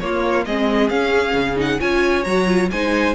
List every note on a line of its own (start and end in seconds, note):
0.00 0.47 A#3
0.00 0.46 A#3
0.00 0.47 F4
0.00 0.45 C#5
0.45 0.90 G#3
0.45 0.90 C4
0.45 1.80 G#4
0.45 0.90 D#5
0.90 1.57 C#4
0.90 1.34 C#4
0.90 1.58 F5
1.34 1.79 C#3
1.57 1.79 D#4
1.57 1.80 F#5
1.80 2.26 C#4
1.80 2.25 F4
1.80 2.71 C#5
1.80 2.24 G#5
2.24 2.71 F#3
2.24 2.47 F#4
2.24 2.69 A#5
2.47 2.70 F4
2.71 3.16 G#3
2.71 3.16 D#4
2.71 3.16 C5
2.71 3.16 G#5